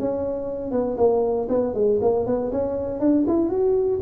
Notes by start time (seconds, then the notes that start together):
0.00 C#4
0.72 B3
0.98 A#3
1.50 B3
1.75 G#3
2.02 A#3
2.27 B3
2.52 C#4
3.00 D4
3.28 E4
3.50 F#4